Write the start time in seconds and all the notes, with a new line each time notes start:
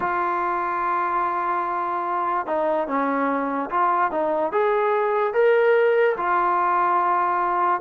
0.00 F4
2.46 D#4
2.87 C#4
3.70 F4
4.11 D#4
4.52 G#4
5.33 A#4
6.17 F4